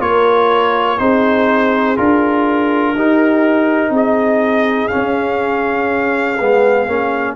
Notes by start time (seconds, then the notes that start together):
0.00 A#3 F4 A#4 C#5
0.99 C4 D#4 G#4 C5
1.97 D4 F4 A#4
2.94 D#4 G4
3.90 C4 G#4 D#5
4.89 C#4 F5
4.96 C#4
6.40 G#3 B3
6.87 A#3 C#4